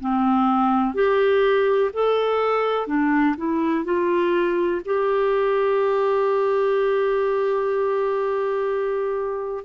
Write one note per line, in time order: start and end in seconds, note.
0.00 0.95 C4
0.95 1.91 G4
1.94 2.87 A4
2.87 3.36 D4
3.37 3.85 E4
3.85 4.82 F4
4.86 9.65 G4